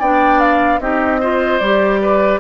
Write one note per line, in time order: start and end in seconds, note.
0.00 0.80 B3
0.00 0.81 D4
0.00 0.80 D5
0.00 0.40 G5
0.40 0.80 F5
0.80 1.60 C4
0.80 1.21 D#4
0.80 1.21 G4
0.80 1.60 D#5
1.21 1.62 F4
1.21 2.01 C5
1.60 2.40 G3
1.60 2.40 G4
1.60 2.40 D5
2.02 2.40 B4